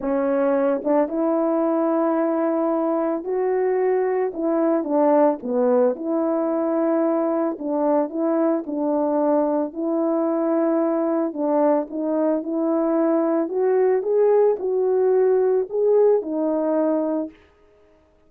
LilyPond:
\new Staff \with { instrumentName = "horn" } { \time 4/4 \tempo 4 = 111 cis'4. d'8 e'2~ | e'2 fis'2 | e'4 d'4 b4 e'4~ | e'2 d'4 e'4 |
d'2 e'2~ | e'4 d'4 dis'4 e'4~ | e'4 fis'4 gis'4 fis'4~ | fis'4 gis'4 dis'2 | }